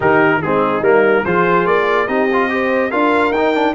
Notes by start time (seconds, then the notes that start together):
0.00 D#3 D#4 G4 A#4
0.42 G#3 C4 D#4 G#4
0.81 G3 A#3 A#4
1.24 F3 F4 G#4 C5
1.65 A#3 D5
2.07 C4 D#4 G4 D#5
2.33 F4
2.49 G4 C5
2.90 D4 F4 A#4 F5
3.30 D#4 G5
3.37 D#4
3.54 D4